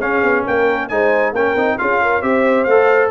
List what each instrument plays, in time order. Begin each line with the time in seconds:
0.00 tuba C#4, trombone C#4, horn G#4, trumpet F5
0.22 tuba B3
0.45 tuba A#3, horn A#4, trumpet G5
0.88 tuba G#3, trombone D#4, horn C5, trumpet G#5
1.32 tuba A#3, trombone C#4, horn A#4, trumpet G5
1.55 tuba C4, trombone D#4
1.78 tuba C#4, trombone F4, horn G#4, trumpet F5
2.01 horn A#4
2.22 tuba C4, trombone G4, horn C5, trumpet E5
2.64 tuba A3, trombone A4, trumpet F5